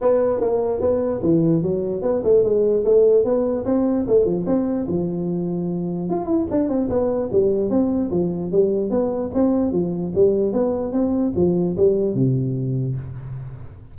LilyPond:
\new Staff \with { instrumentName = "tuba" } { \time 4/4 \tempo 4 = 148 b4 ais4 b4 e4 | fis4 b8 a8 gis4 a4 | b4 c'4 a8 f8 c'4 | f2. f'8 e'8 |
d'8 c'8 b4 g4 c'4 | f4 g4 b4 c'4 | f4 g4 b4 c'4 | f4 g4 c2 | }